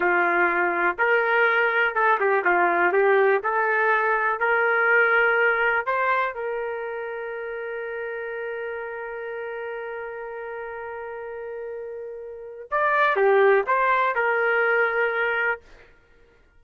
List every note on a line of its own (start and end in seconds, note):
0.00 0.96 F4
0.98 1.94 A#4
1.94 2.19 A4
2.20 2.44 G4
2.44 2.92 F4
2.92 3.41 G4
3.43 4.39 A4
4.39 5.85 A#4
5.85 6.34 C5
6.34 12.68 A#4
12.70 13.16 D5
13.16 13.65 G4
13.66 14.15 C5
14.15 15.61 A#4